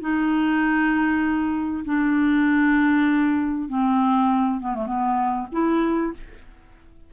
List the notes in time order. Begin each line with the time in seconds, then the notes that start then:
0.00 D#4
1.85 D4
3.68 C4
4.59 B3
4.74 A3
4.86 B3
5.51 E4